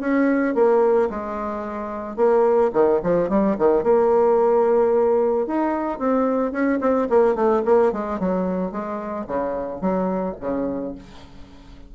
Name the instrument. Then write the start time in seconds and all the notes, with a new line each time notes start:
bassoon
0.00 C#4
0.55 A#3
1.10 G#3
2.16 A#3
2.73 D#3
3.03 F3
3.29 G3
3.58 D#3
3.83 A#3
5.46 D#4
5.99 C4
6.52 C#4
6.80 C4
7.09 A#3
7.35 A3
7.65 A#3
7.92 G#3
8.19 F#3
8.71 G#3
9.27 C#3
9.81 F#3
10.40 C#3